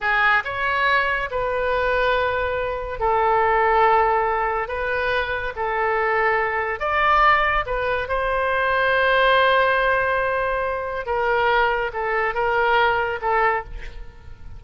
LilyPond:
\new Staff \with { instrumentName = "oboe" } { \time 4/4 \tempo 4 = 141 gis'4 cis''2 b'4~ | b'2. a'4~ | a'2. b'4~ | b'4 a'2. |
d''2 b'4 c''4~ | c''1~ | c''2 ais'2 | a'4 ais'2 a'4 | }